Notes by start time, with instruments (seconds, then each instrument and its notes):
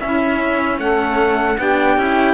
0.00 cello C#4, saxophone E4, trumpet E5
0.79 cello A3, saxophone A4, trumpet F#5
1.58 cello B3 D4, saxophone G4, trumpet G5
1.97 cello C#4 E4